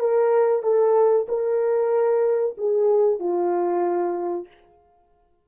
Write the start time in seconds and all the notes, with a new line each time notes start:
0.00 A#4
0.63 A4
1.29 A#4
2.58 G#4
3.19 F4